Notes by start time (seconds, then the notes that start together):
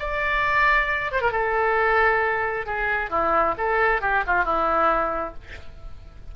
0.00 D5
1.12 C5
1.22 A#4
1.32 A4
2.66 G#4
3.10 E4
3.58 A4
4.02 G4
4.27 F4
4.45 E4